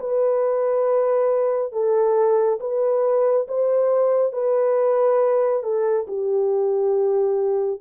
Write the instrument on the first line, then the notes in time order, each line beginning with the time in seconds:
horn
0.00 B4
1.73 A4
2.60 B4
3.48 C5
4.33 B4
5.63 A4
6.08 G4